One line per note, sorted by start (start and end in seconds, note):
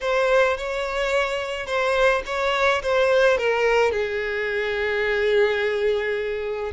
0.01 0.57 C5
0.57 1.66 C#5
1.66 2.22 C5
2.26 2.82 C#5
2.82 3.37 C5
3.37 3.91 A#4
3.91 6.72 G#4